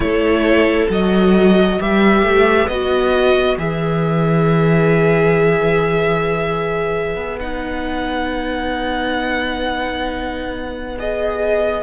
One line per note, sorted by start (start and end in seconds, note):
0.00 0.87 A3
0.00 0.89 E4
0.00 1.78 A4
0.00 0.88 C#5
0.89 1.79 F#3
0.89 1.78 F#4
0.89 1.81 D#5
1.78 2.22 G3
1.78 2.69 G4
1.78 11.82 B4
1.78 2.68 E5
2.22 2.67 A3
2.68 3.57 B3
2.68 3.58 F#4
2.68 3.57 D#5
3.57 7.15 E3
3.57 7.39 G#4
3.57 7.39 E5
7.15 11.82 B3
7.40 10.98 D#4
7.40 10.98 F#5
10.98 11.82 G#4
10.98 11.82 D#5